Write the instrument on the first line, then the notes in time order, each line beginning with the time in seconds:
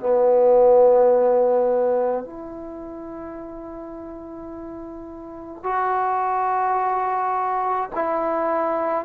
trombone
0.00 B3
2.24 E4
5.63 F#4
7.96 E4